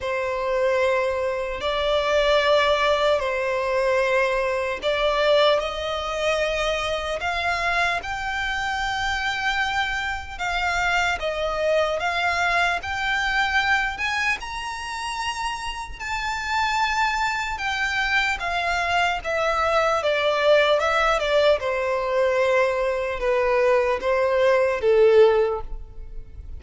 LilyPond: \new Staff \with { instrumentName = "violin" } { \time 4/4 \tempo 4 = 75 c''2 d''2 | c''2 d''4 dis''4~ | dis''4 f''4 g''2~ | g''4 f''4 dis''4 f''4 |
g''4. gis''8 ais''2 | a''2 g''4 f''4 | e''4 d''4 e''8 d''8 c''4~ | c''4 b'4 c''4 a'4 | }